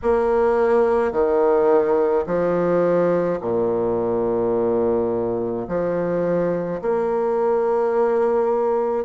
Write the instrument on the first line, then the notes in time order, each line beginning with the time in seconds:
bassoon
0.02 A#3
1.12 D#3
2.26 F3
3.40 A#2
5.68 F3
6.81 A#3